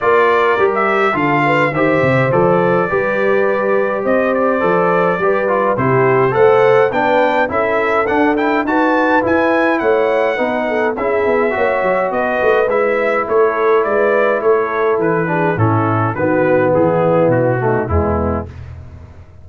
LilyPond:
<<
  \new Staff \with { instrumentName = "trumpet" } { \time 4/4 \tempo 4 = 104 d''4~ d''16 e''8. f''4 e''4 | d''2. dis''8 d''8~ | d''2 c''4 fis''4 | g''4 e''4 fis''8 g''8 a''4 |
gis''4 fis''2 e''4~ | e''4 dis''4 e''4 cis''4 | d''4 cis''4 b'4 a'4 | b'4 gis'4 fis'4 e'4 | }
  \new Staff \with { instrumentName = "horn" } { \time 4/4 ais'2 a'8 b'8 c''4~ | c''4 b'2 c''4~ | c''4 b'4 g'4 c''4 | b'4 a'2 b'4~ |
b'4 cis''4 b'8 a'8 gis'4 | cis''4 b'2 a'4 | b'4 a'4. gis'8 e'4 | fis'4 e'4. dis'8 b4 | }
  \new Staff \with { instrumentName = "trombone" } { \time 4/4 f'4 g'4 f'4 g'4 | a'4 g'2. | a'4 g'8 f'8 e'4 a'4 | d'4 e'4 d'8 e'8 fis'4 |
e'2 dis'4 e'4 | fis'2 e'2~ | e'2~ e'8 d'8 cis'4 | b2~ b8 a8 gis4 | }
  \new Staff \with { instrumentName = "tuba" } { \time 4/4 ais4 g4 d4 dis8 c8 | f4 g2 c'4 | f4 g4 c4 a4 | b4 cis'4 d'4 dis'4 |
e'4 a4 b4 cis'8 b8 | ais8 fis8 b8 a8 gis4 a4 | gis4 a4 e4 a,4 | dis4 e4 b,4 e,4 | }
>>